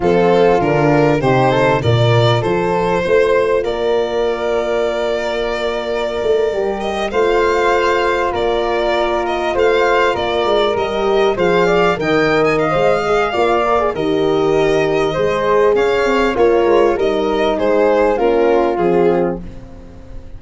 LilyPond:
<<
  \new Staff \with { instrumentName = "violin" } { \time 4/4 \tempo 4 = 99 a'4 ais'4 c''4 d''4 | c''2 d''2~ | d''2.~ d''16 dis''8 f''16~ | f''4.~ f''16 d''4. dis''8 f''16~ |
f''8. d''4 dis''4 f''4 g''16~ | g''8 gis''16 f''2~ f''16 dis''4~ | dis''2 f''4 cis''4 | dis''4 c''4 ais'4 gis'4 | }
  \new Staff \with { instrumentName = "flute" } { \time 4/4 f'2 g'8 a'8 ais'4 | a'4 c''4 ais'2~ | ais'2.~ ais'8. c''16~ | c''4.~ c''16 ais'2 c''16~ |
c''8. ais'2 c''8 d''8 dis''16~ | dis''2 d''4 ais'4~ | ais'4 c''4 cis''4 f'4 | ais'4 gis'4 f'2 | }
  \new Staff \with { instrumentName = "horn" } { \time 4/4 c'4 d'4 dis'4 f'4~ | f'1~ | f'2~ f'8. g'4 f'16~ | f'1~ |
f'4.~ f'16 g'4 gis'4 ais'16~ | ais'4 c''8 gis'8 f'8 ais'16 gis'16 g'4~ | g'4 gis'2 ais'4 | dis'2 cis'4 c'4 | }
  \new Staff \with { instrumentName = "tuba" } { \time 4/4 f4 d4 c4 ais,4 | f4 a4 ais2~ | ais2~ ais16 a8 g4 a16~ | a4.~ a16 ais2 a16~ |
a8. ais8 gis8 g4 f4 dis16~ | dis4 gis4 ais4 dis4~ | dis4 gis4 cis'8 c'8 ais8 gis8 | g4 gis4 ais4 f4 | }
>>